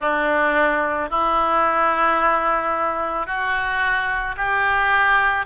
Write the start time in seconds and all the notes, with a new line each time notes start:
0.00 D4
1.10 E4
3.26 F#4
4.36 G4